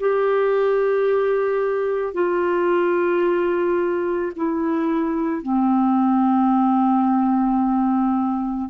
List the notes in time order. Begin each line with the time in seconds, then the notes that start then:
0.00 G4
2.14 F4
4.36 E4
5.42 C4